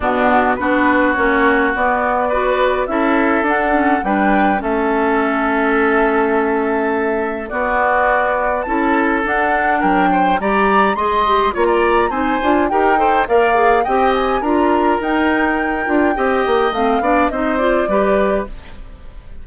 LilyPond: <<
  \new Staff \with { instrumentName = "flute" } { \time 4/4 \tempo 4 = 104 fis'4 b'4 cis''4 d''4~ | d''4 e''4 fis''4 g''4 | e''1~ | e''4 d''2 a''4 |
fis''4 g''4 ais''4 c'''4 | ais''4 gis''4 g''4 f''4 | g''8 gis''8 ais''4 g''2~ | g''4 f''4 dis''8 d''4. | }
  \new Staff \with { instrumentName = "oboe" } { \time 4/4 d'4 fis'2. | b'4 a'2 b'4 | a'1~ | a'4 fis'2 a'4~ |
a'4 ais'8 c''8 d''4 dis''4 | cis''16 d''8. c''4 ais'8 c''8 d''4 | dis''4 ais'2. | dis''4. d''8 c''4 b'4 | }
  \new Staff \with { instrumentName = "clarinet" } { \time 4/4 b4 d'4 cis'4 b4 | fis'4 e'4 d'8 cis'8 d'4 | cis'1~ | cis'4 b2 e'4 |
d'2 g'4 gis'8 g'8 | f'4 dis'8 f'8 g'8 a'8 ais'8 gis'8 | g'4 f'4 dis'4. f'8 | g'4 c'8 d'8 dis'8 f'8 g'4 | }
  \new Staff \with { instrumentName = "bassoon" } { \time 4/4 b,4 b4 ais4 b4~ | b4 cis'4 d'4 g4 | a1~ | a4 b2 cis'4 |
d'4 fis4 g4 gis4 | ais4 c'8 d'8 dis'4 ais4 | c'4 d'4 dis'4. d'8 | c'8 ais8 a8 b8 c'4 g4 | }
>>